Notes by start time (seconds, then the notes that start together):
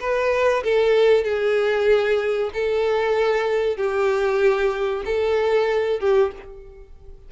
0.00 B4
0.63 A4
1.24 G#4
2.53 A4
3.77 G4
5.05 A4
6.00 G4